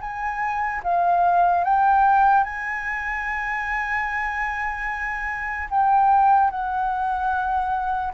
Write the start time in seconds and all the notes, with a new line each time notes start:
0.00 G#5
0.83 F5
1.64 G5
2.44 G#5
5.70 G5
6.50 F#5